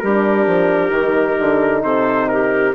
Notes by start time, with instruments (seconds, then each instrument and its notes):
0.00 bassoon G3, horn D4, clarinet G4, trumpet A#4
0.47 bassoon F3
0.89 bassoon D#3, horn D#4
1.39 bassoon D3
1.82 bassoon C3, clarinet A4, trumpet C5
2.29 clarinet G4, trumpet A#4